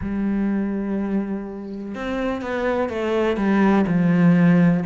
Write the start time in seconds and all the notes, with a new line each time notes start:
0.01 G3
1.94 C4
2.41 B3
2.89 A3
3.37 G3
3.87 F3